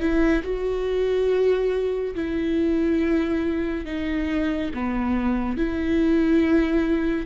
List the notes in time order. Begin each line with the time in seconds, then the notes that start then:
0.00 E4
0.43 F#4
2.15 E4
3.85 D#4
4.74 B3
5.57 E4